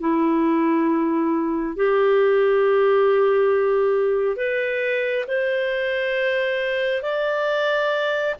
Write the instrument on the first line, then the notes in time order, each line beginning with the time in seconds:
clarinet
0.00 E4
1.76 G4
4.36 B4
5.27 C5
7.02 D5